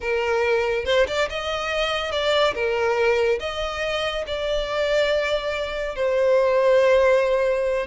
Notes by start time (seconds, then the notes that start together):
0.01 A#4
0.85 C5
1.07 D5
1.29 D#5
2.11 D5
2.54 A#4
3.39 D#5
4.26 D5
5.95 C5